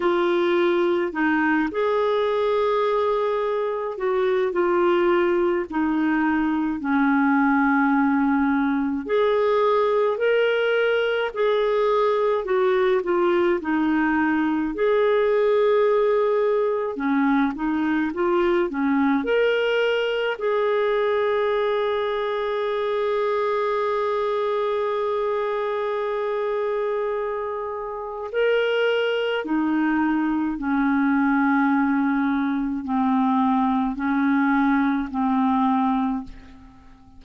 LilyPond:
\new Staff \with { instrumentName = "clarinet" } { \time 4/4 \tempo 4 = 53 f'4 dis'8 gis'2 fis'8 | f'4 dis'4 cis'2 | gis'4 ais'4 gis'4 fis'8 f'8 | dis'4 gis'2 cis'8 dis'8 |
f'8 cis'8 ais'4 gis'2~ | gis'1~ | gis'4 ais'4 dis'4 cis'4~ | cis'4 c'4 cis'4 c'4 | }